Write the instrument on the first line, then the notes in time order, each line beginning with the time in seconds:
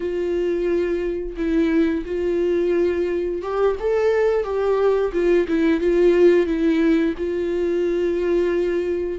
viola
0.00 F4
1.36 E4
2.05 F4
3.42 G4
3.79 A4
4.43 G4
5.12 F4
5.48 E4
5.80 F4
6.46 E4
7.17 F4